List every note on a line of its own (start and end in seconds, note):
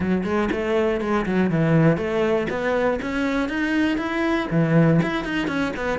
0.00 0.24 F#3
0.24 0.49 G#3
0.51 1.00 A3
1.00 1.25 G#3
1.26 1.50 F#3
1.50 1.97 E3
1.97 2.47 A3
2.49 2.99 B3
3.02 3.48 C#4
3.48 3.97 D#4
3.97 4.47 E4
4.50 5.00 E3
5.02 5.24 E4
5.24 5.47 D#4
5.47 5.72 C#4
5.76 5.98 B3